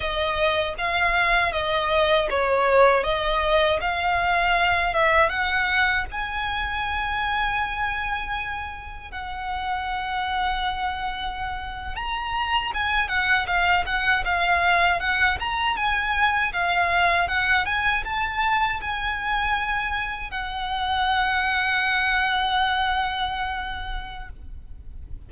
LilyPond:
\new Staff \with { instrumentName = "violin" } { \time 4/4 \tempo 4 = 79 dis''4 f''4 dis''4 cis''4 | dis''4 f''4. e''8 fis''4 | gis''1 | fis''2.~ fis''8. ais''16~ |
ais''8. gis''8 fis''8 f''8 fis''8 f''4 fis''16~ | fis''16 ais''8 gis''4 f''4 fis''8 gis''8 a''16~ | a''8. gis''2 fis''4~ fis''16~ | fis''1 | }